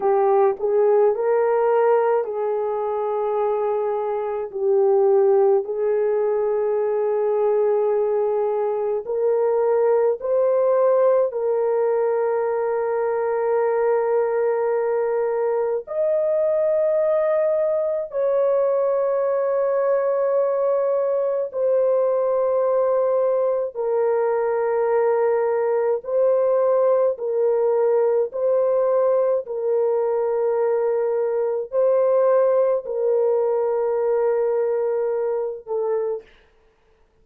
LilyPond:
\new Staff \with { instrumentName = "horn" } { \time 4/4 \tempo 4 = 53 g'8 gis'8 ais'4 gis'2 | g'4 gis'2. | ais'4 c''4 ais'2~ | ais'2 dis''2 |
cis''2. c''4~ | c''4 ais'2 c''4 | ais'4 c''4 ais'2 | c''4 ais'2~ ais'8 a'8 | }